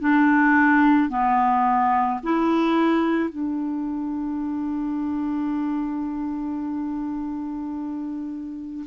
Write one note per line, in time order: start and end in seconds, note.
0.00 1.09 D4
1.09 2.20 B3
2.23 3.29 E4
3.29 8.85 D4